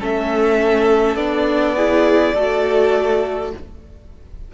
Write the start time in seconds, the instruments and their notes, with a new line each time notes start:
0.00 cello A3, viola C#4, violin A4 E5
1.16 cello B3, viola D4, violin D5
1.76 viola E4, violin G#4
2.34 cello A3, viola F#4, violin A4